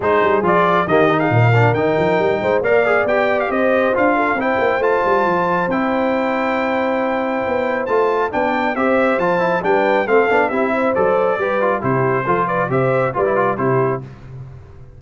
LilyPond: <<
  \new Staff \with { instrumentName = "trumpet" } { \time 4/4 \tempo 4 = 137 c''4 d''4 dis''8. f''4~ f''16 | g''2 f''4 g''8. f''16 | dis''4 f''4 g''4 a''4~ | a''4 g''2.~ |
g''2 a''4 g''4 | e''4 a''4 g''4 f''4 | e''4 d''2 c''4~ | c''8 d''8 e''4 d''4 c''4 | }
  \new Staff \with { instrumentName = "horn" } { \time 4/4 gis'2 g'8. gis'16 ais'4~ | ais'4. c''8 d''2 | c''4. a'8 c''2~ | c''1~ |
c''2. d''4 | c''2 b'4 a'4 | g'8 c''4. b'4 g'4 | a'8 b'8 c''4 b'4 g'4 | }
  \new Staff \with { instrumentName = "trombone" } { \time 4/4 dis'4 f'4 ais8 dis'4 d'8 | dis'2 ais'8 gis'8 g'4~ | g'4 f'4 e'4 f'4~ | f'4 e'2.~ |
e'2 f'4 d'4 | g'4 f'8 e'8 d'4 c'8 d'8 | e'4 a'4 g'8 f'8 e'4 | f'4 g'4 f'16 e'16 f'8 e'4 | }
  \new Staff \with { instrumentName = "tuba" } { \time 4/4 gis8 g8 f4 dis4 ais,4 | dis8 f8 g8 gis8 ais4 b4 | c'4 d'4 c'8 ais8 a8 g8 | f4 c'2.~ |
c'4 b4 a4 b4 | c'4 f4 g4 a8 b8 | c'4 fis4 g4 c4 | f4 c4 g4 c4 | }
>>